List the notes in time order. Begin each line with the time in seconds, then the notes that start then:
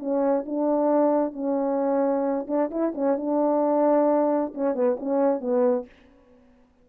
0.00 C#4
0.46 D4
1.33 C#4
2.48 D4
2.71 E4
2.95 C#4
3.17 D4
4.55 C#4
4.75 B3
5.00 C#4
5.41 B3